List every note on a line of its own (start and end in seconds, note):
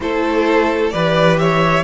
0.00 0.92 A3
0.00 0.93 E4
0.00 0.93 A4
0.00 0.90 C5
0.90 1.83 E3
0.90 1.83 G4
0.90 1.39 B4
0.90 1.36 D5
1.38 1.83 C#5
1.38 1.83 E5